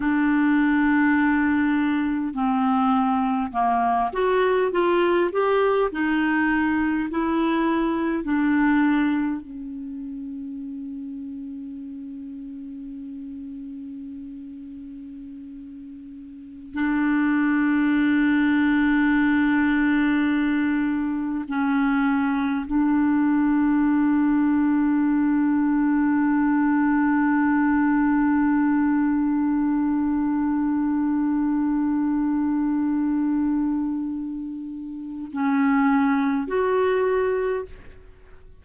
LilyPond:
\new Staff \with { instrumentName = "clarinet" } { \time 4/4 \tempo 4 = 51 d'2 c'4 ais8 fis'8 | f'8 g'8 dis'4 e'4 d'4 | cis'1~ | cis'2~ cis'16 d'4.~ d'16~ |
d'2~ d'16 cis'4 d'8.~ | d'1~ | d'1~ | d'2 cis'4 fis'4 | }